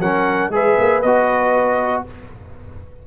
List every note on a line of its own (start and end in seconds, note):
0.00 0.50 F#3
0.00 0.52 C#4
0.00 0.52 A#4
0.00 0.52 F#5
0.50 0.75 G#3
0.50 1.02 G#4
0.50 2.06 B4
0.50 1.03 E5
0.79 1.04 A#3
1.03 2.05 B3
1.03 2.07 F#4
1.03 2.03 D#5